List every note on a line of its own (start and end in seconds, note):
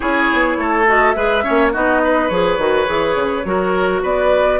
0.00 0.31 C#4
0.00 0.86 E4
0.00 0.57 G#4
0.00 0.87 C#5
0.32 0.57 B3
0.57 1.14 A3
0.57 1.16 A4
0.86 1.15 F#4
0.86 1.11 D#5
1.11 1.44 G#3
1.11 1.42 G#4
1.11 1.44 B4
1.11 1.69 E5
1.42 1.71 C#4
1.42 1.72 C#5
1.49 1.75 A#3
1.72 2.30 B3
1.72 2.30 D#4
1.72 2.01 F#4
1.72 2.28 D#5
2.04 3.47 B4
2.28 2.58 F3
2.28 2.59 G#4
2.28 4.02 C#5
2.58 2.86 D#3
2.58 2.86 F#4
2.86 3.15 E3
2.86 3.43 G#4
3.15 3.44 C#3
3.44 4.02 F#3
3.44 4.59 F#4
3.44 4.02 A#4
4.02 4.59 B3
4.02 4.59 B4
4.02 4.59 D5